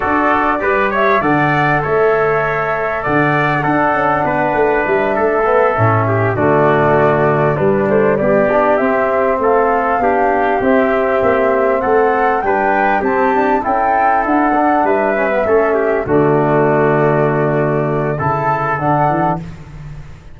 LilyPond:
<<
  \new Staff \with { instrumentName = "flute" } { \time 4/4 \tempo 4 = 99 d''4. e''8 fis''4 e''4~ | e''4 fis''2. | e''2~ e''8 d''4.~ | d''8 b'8 c''8 d''4 e''4 f''8~ |
f''4. e''2 fis''8~ | fis''8 g''4 a''4 g''4 fis''8~ | fis''8 e''2 d''4.~ | d''2 a''4 fis''4 | }
  \new Staff \with { instrumentName = "trumpet" } { \time 4/4 a'4 b'8 cis''8 d''4 cis''4~ | cis''4 d''4 a'4 b'4~ | b'8 a'4. g'8 fis'4.~ | fis'8 d'4 g'2 a'8~ |
a'8 g'2. a'8~ | a'8 b'4 g'4 a'4.~ | a'8 b'4 a'8 g'8 fis'4.~ | fis'2 a'2 | }
  \new Staff \with { instrumentName = "trombone" } { \time 4/4 fis'4 g'4 a'2~ | a'2 d'2~ | d'4 b8 cis'4 a4.~ | a8 g4. d'8 c'4.~ |
c'8 d'4 c'2~ c'8~ | c'8 d'4 c'8 d'8 e'4. | d'4 cis'16 b16 cis'4 a4.~ | a2 e'4 d'4 | }
  \new Staff \with { instrumentName = "tuba" } { \time 4/4 d'4 g4 d4 a4~ | a4 d4 d'8 cis'8 b8 a8 | g8 a4 a,4 d4.~ | d8 g8 a8 b4 c'4 a8~ |
a8 b4 c'4 ais4 a8~ | a8 g4 c'4 cis'4 d'8~ | d'8 g4 a4 d4.~ | d2 cis4 d8 e8 | }
>>